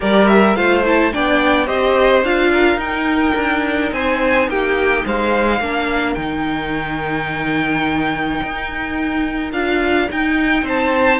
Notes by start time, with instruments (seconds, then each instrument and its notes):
0.00 cello G3, viola G4, violin A#4 D5
0.27 violin E5
0.55 cello A3, viola F4, violin C5 F5
0.84 viola E4, violin A5
1.12 cello B3, viola D4, violin D5 G5
1.65 cello C4, viola G4, violin C5 D#5
2.23 cello D4, viola F4, violin F5
2.53 violin A#4
2.76 cello D#4, viola D#4, violin G5
3.35 cello D4
3.91 cello C4, violin C5 G#5
4.47 cello A#3, violin G4 G5
5.05 cello G#3, violin C5 F5
5.60 cello A#3, viola D4, violin A#4
6.14 cello D#3, viola D#4, violin G5
8.42 cello D#4
9.52 cello D4, viola F4, violin F5
10.11 cello D#4, viola D#4, violin G5
10.62 cello C4, violin C5 A5